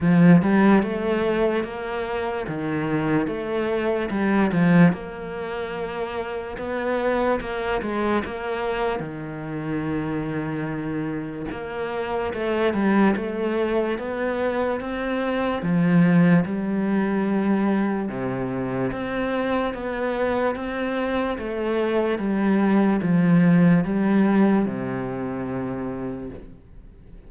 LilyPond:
\new Staff \with { instrumentName = "cello" } { \time 4/4 \tempo 4 = 73 f8 g8 a4 ais4 dis4 | a4 g8 f8 ais2 | b4 ais8 gis8 ais4 dis4~ | dis2 ais4 a8 g8 |
a4 b4 c'4 f4 | g2 c4 c'4 | b4 c'4 a4 g4 | f4 g4 c2 | }